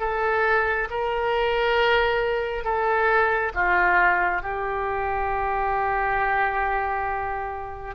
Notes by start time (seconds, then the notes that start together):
0.00 A4
0.90 A#4
2.64 A4
3.54 F4
4.42 G4